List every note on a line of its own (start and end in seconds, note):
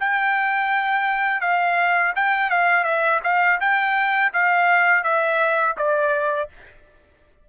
0.00 1.41 G5
1.41 2.13 F5
2.16 2.50 G5
2.50 2.84 F5
2.84 3.20 E5
3.23 3.59 F5
3.60 4.32 G5
4.33 5.03 F5
5.03 5.76 E5
5.77 6.49 D5